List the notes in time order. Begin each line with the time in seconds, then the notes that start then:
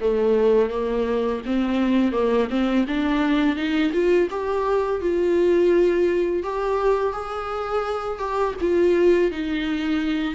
0.00 A3
0.69 A#3
1.45 C4
2.12 A#3
2.50 C4
2.87 D4
3.56 D#4
3.93 F4
4.30 G4
5.01 F4
6.43 G4
7.12 G#4
8.19 G4
8.60 F4
9.31 D#4